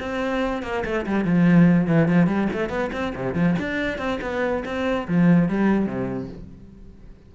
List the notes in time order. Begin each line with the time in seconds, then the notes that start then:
0.00 C4
0.63 A#3
0.85 A3
1.06 G3
1.25 F3
1.88 E3
2.08 F3
2.27 G3
2.53 A3
2.69 B3
2.93 C4
3.16 C3
3.35 F3
3.59 D4
3.99 C4
4.22 B3
4.65 C4
5.08 F3
5.49 G3
5.86 C3